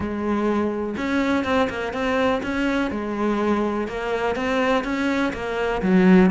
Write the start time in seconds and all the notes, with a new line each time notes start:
0.00 G#3
0.97 C#4
1.44 C4
1.69 A#3
1.93 C4
2.42 C#4
2.90 G#3
3.87 A#3
4.35 C4
4.84 C#4
5.33 A#3
5.82 F#3